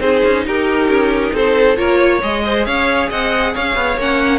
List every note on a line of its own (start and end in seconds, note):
0.00 0.22 C4
0.00 1.76 D#4
0.00 0.45 G#4
0.00 0.45 C5
0.24 0.46 C#4
0.46 0.87 D#4
0.46 1.34 G4
0.46 1.35 A#4
0.87 1.31 C#4
1.33 1.77 C4
1.33 1.78 A4
1.33 1.76 C5
1.76 2.22 A#3
1.76 2.20 F4
1.76 1.98 A#4
1.76 2.20 C#5
1.98 2.42 C#5
2.22 2.66 G#3
2.22 3.98 G#4
2.22 2.65 D#5
2.45 2.66 C5
2.65 3.10 C#4
2.65 3.09 C#5
2.65 3.09 F5
3.09 3.55 C4
3.09 3.53 D#5
3.09 3.55 F#5
3.54 3.75 C#4
3.54 4.39 C#5
3.54 3.99 F5
3.75 3.97 B3
3.97 4.39 A#3
3.97 4.39 C#4
3.97 4.39 F#5